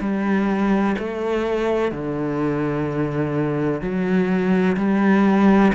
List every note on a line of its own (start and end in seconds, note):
0.00 0.95 G3
0.98 1.91 A3
1.91 3.81 D3
3.81 4.76 F#3
4.77 5.72 G3